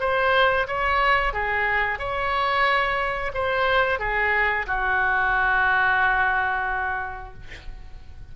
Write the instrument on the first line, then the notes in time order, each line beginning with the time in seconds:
oboe
0.00 C5
0.67 C#5
1.33 G#4
1.98 C#5
3.34 C5
3.99 G#4
4.67 F#4